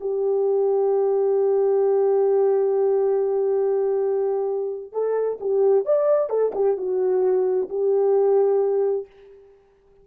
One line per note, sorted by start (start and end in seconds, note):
0.00 4.92 G4
4.92 5.38 A4
5.40 5.85 G4
5.85 6.29 D5
6.29 6.52 A4
6.54 6.77 G4
6.77 7.68 F#4
7.69 9.06 G4